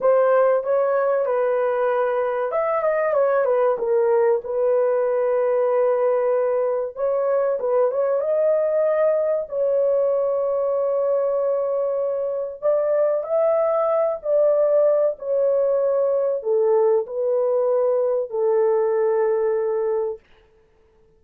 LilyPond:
\new Staff \with { instrumentName = "horn" } { \time 4/4 \tempo 4 = 95 c''4 cis''4 b'2 | e''8 dis''8 cis''8 b'8 ais'4 b'4~ | b'2. cis''4 | b'8 cis''8 dis''2 cis''4~ |
cis''1 | d''4 e''4. d''4. | cis''2 a'4 b'4~ | b'4 a'2. | }